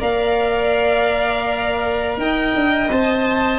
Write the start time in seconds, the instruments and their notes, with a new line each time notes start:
0.00 tuba A#3, cello A#4, violin D5 F5
2.18 tuba D#4, violin D#5 G5
2.56 tuba D4
2.90 tuba C4, cello C5, violin A5